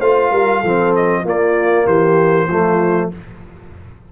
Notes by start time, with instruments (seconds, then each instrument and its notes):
0.00 tuba A3, trombone F4, horn C5, trumpet F5
0.31 tuba G3, horn A#4
0.61 tuba F3, trombone C4, horn A4
0.95 trumpet D#5
1.24 tuba A#3, trombone A#3, horn F4, trumpet D5
1.86 tuba E3, horn G4, trumpet C5
2.47 tuba F3, trombone A3, horn F4